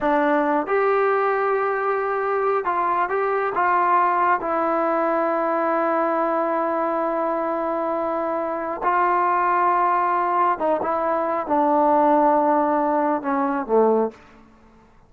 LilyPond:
\new Staff \with { instrumentName = "trombone" } { \time 4/4 \tempo 4 = 136 d'4. g'2~ g'8~ | g'2 f'4 g'4 | f'2 e'2~ | e'1~ |
e'1 | f'1 | dis'8 e'4. d'2~ | d'2 cis'4 a4 | }